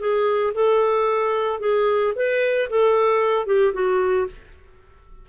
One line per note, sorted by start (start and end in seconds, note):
0.00 0.54 G#4
0.55 1.60 A4
1.60 2.14 G#4
2.16 2.69 B4
2.70 3.47 A4
3.47 3.73 G4
3.74 4.27 F#4